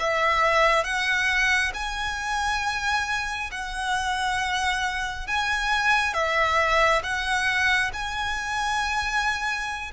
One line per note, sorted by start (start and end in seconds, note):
0.00 0.84 E5
0.84 1.72 F#5
1.74 3.51 G#5
3.51 5.28 F#5
5.28 6.14 G#5
6.14 7.02 E5
7.03 7.92 F#5
7.93 9.92 G#5